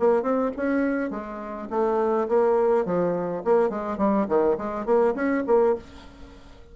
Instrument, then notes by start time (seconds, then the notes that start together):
bassoon
0.00 A#3
0.23 C4
0.57 C#4
1.11 G#3
1.71 A3
2.29 A#3
2.86 F3
3.45 A#3
3.70 G#3
3.98 G3
4.29 D#3
4.58 G#3
4.86 A#3
5.15 C#4
5.47 A#3